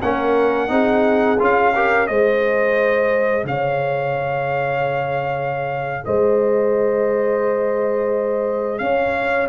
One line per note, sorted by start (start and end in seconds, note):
0.00 0.70 A#3
0.00 0.68 C#4
0.00 0.69 A#4
0.00 1.39 F#5
0.68 1.39 C4
0.68 1.37 D#4
0.68 1.74 G#4
1.39 2.09 C#4
1.39 1.73 F4
1.39 2.07 F5
1.75 2.08 G4
1.75 2.09 A#4
2.07 3.44 G#3
2.07 9.48 G#4
2.07 3.47 C5
2.07 3.45 D#5
3.44 6.03 C#3
3.44 6.05 C#5
3.44 6.05 F5
6.05 8.80 G#3
6.05 8.81 C5
6.05 8.78 D#5
8.78 9.48 C#4
8.78 9.48 C#5
8.78 9.47 F5